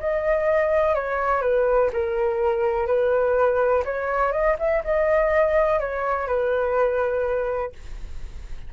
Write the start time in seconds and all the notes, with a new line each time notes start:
0.00 D#5
0.95 C#5
1.42 B4
1.93 A#4
2.87 B4
3.85 C#5
4.32 D#5
4.59 E5
4.84 D#5
5.80 C#5
6.27 B4